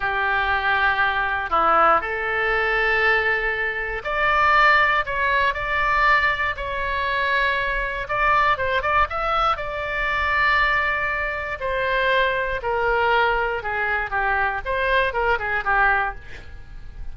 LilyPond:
\new Staff \with { instrumentName = "oboe" } { \time 4/4 \tempo 4 = 119 g'2. e'4 | a'1 | d''2 cis''4 d''4~ | d''4 cis''2. |
d''4 c''8 d''8 e''4 d''4~ | d''2. c''4~ | c''4 ais'2 gis'4 | g'4 c''4 ais'8 gis'8 g'4 | }